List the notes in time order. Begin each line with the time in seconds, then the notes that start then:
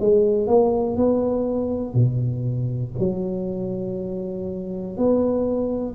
0.00 G#3
0.47 A#3
0.96 B3
1.94 B2
2.99 F#3
4.97 B3